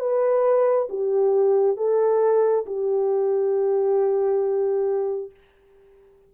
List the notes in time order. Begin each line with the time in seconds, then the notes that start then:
0.00 B4
0.89 G4
1.77 A4
2.66 G4